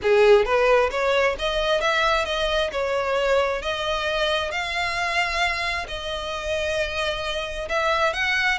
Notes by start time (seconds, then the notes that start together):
0.02 G#4
0.45 B4
0.90 C#5
1.38 D#5
1.80 E5
2.25 D#5
2.71 C#5
3.62 D#5
4.51 F5
5.88 D#5
7.68 E5
8.13 F#5